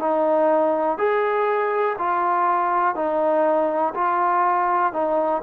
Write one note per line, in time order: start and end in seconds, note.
0.00 0.98 D#4
0.98 1.97 G#4
1.99 2.96 F4
2.96 3.94 D#4
3.95 4.93 F4
4.93 5.42 D#4